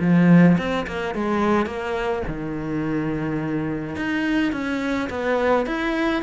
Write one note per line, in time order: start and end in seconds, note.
0.00 0.57 F3
0.58 0.86 C4
0.87 1.14 A#3
1.14 1.66 G#3
1.66 2.23 A#3
2.27 3.96 D#3
3.96 4.52 D#4
4.52 5.09 C#4
5.10 5.66 B3
5.66 6.22 E4